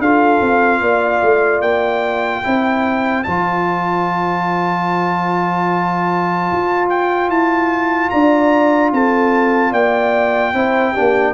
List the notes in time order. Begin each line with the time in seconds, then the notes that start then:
0.00 D4 F4 A4 F5
0.41 C4
0.81 A#3 D5
1.23 A3
1.61 A#3 G5
2.42 C4 E4 C5
3.24 F3 F4 A5
6.52 F4
6.90 G5
7.29 E4 A5
8.10 D4 D5 A#5
8.93 C4 A4 A5
9.72 A#3 D5 G5
10.54 C4 E4 C5
10.93 D4 G4
10.99 A#3